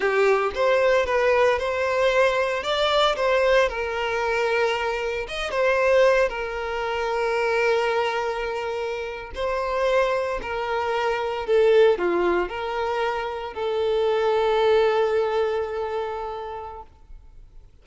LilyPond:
\new Staff \with { instrumentName = "violin" } { \time 4/4 \tempo 4 = 114 g'4 c''4 b'4 c''4~ | c''4 d''4 c''4 ais'4~ | ais'2 dis''8 c''4. | ais'1~ |
ais'4.~ ais'16 c''2 ais'16~ | ais'4.~ ais'16 a'4 f'4 ais'16~ | ais'4.~ ais'16 a'2~ a'16~ | a'1 | }